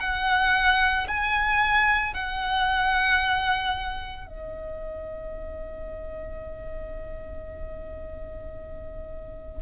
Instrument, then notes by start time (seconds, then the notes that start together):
violin
0.00 F#5
1.08 G#5
2.14 F#5
4.28 D#5